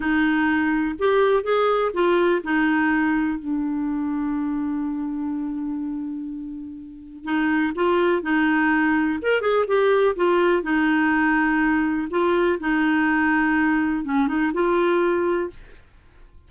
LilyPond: \new Staff \with { instrumentName = "clarinet" } { \time 4/4 \tempo 4 = 124 dis'2 g'4 gis'4 | f'4 dis'2 d'4~ | d'1~ | d'2. dis'4 |
f'4 dis'2 ais'8 gis'8 | g'4 f'4 dis'2~ | dis'4 f'4 dis'2~ | dis'4 cis'8 dis'8 f'2 | }